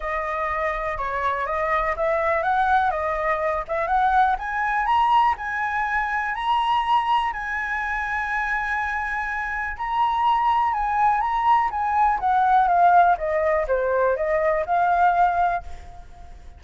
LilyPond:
\new Staff \with { instrumentName = "flute" } { \time 4/4 \tempo 4 = 123 dis''2 cis''4 dis''4 | e''4 fis''4 dis''4. e''8 | fis''4 gis''4 ais''4 gis''4~ | gis''4 ais''2 gis''4~ |
gis''1 | ais''2 gis''4 ais''4 | gis''4 fis''4 f''4 dis''4 | c''4 dis''4 f''2 | }